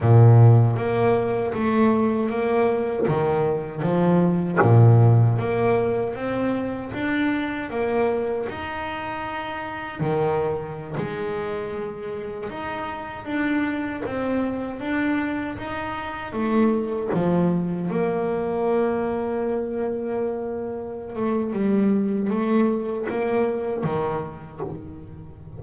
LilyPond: \new Staff \with { instrumentName = "double bass" } { \time 4/4 \tempo 4 = 78 ais,4 ais4 a4 ais4 | dis4 f4 ais,4 ais4 | c'4 d'4 ais4 dis'4~ | dis'4 dis4~ dis16 gis4.~ gis16~ |
gis16 dis'4 d'4 c'4 d'8.~ | d'16 dis'4 a4 f4 ais8.~ | ais2.~ ais8 a8 | g4 a4 ais4 dis4 | }